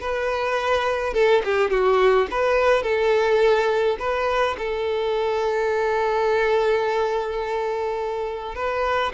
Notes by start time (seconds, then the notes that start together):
0.00 B4
1.13 A4
1.44 G4
1.70 F#4
2.31 B4
2.83 A4
3.99 B4
4.58 A4
8.55 B4